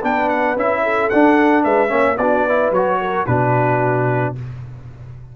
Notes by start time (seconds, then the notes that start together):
0.00 B3 D4 B4 G5
0.29 F#5
0.57 C#4 E4 E5
0.83 A4
1.10 D4 F#5
1.64 G#3 B4 E5
1.89 A#3 C#4 C#5
2.18 B3 D4 F#4 D5
2.45 E4 B4
2.71 F#3 F#4 C#5
3.01 A#4
3.27 B2 D4 F#4 B4